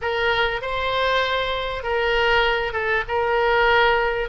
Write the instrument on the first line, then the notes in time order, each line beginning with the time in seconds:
oboe
0.01 A#4
0.61 C5
1.83 A#4
2.72 A4
3.08 A#4